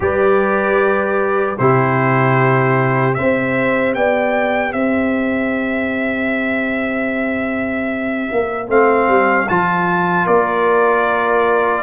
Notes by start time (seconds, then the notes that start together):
0.00 G3 G4 B4 D5
1.58 C3 E4 G4 C5
3.14 C4 G4 C5 E5
3.94 B3 D5 G5
4.72 C4 C5 E5
8.31 A#3
8.67 A3 C4 F5
9.08 G3
9.48 F3 F4 A5
10.25 A#3 A#4 D5